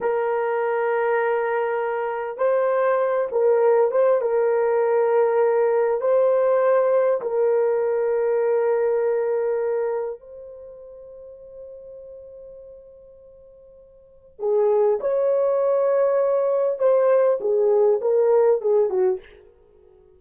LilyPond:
\new Staff \with { instrumentName = "horn" } { \time 4/4 \tempo 4 = 100 ais'1 | c''4. ais'4 c''8 ais'4~ | ais'2 c''2 | ais'1~ |
ais'4 c''2.~ | c''1 | gis'4 cis''2. | c''4 gis'4 ais'4 gis'8 fis'8 | }